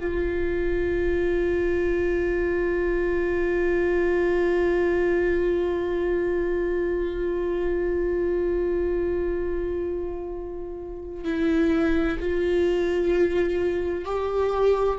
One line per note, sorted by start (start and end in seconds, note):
0.00 11.25 F4
11.25 12.18 E4
12.20 14.05 F4
14.05 14.99 G4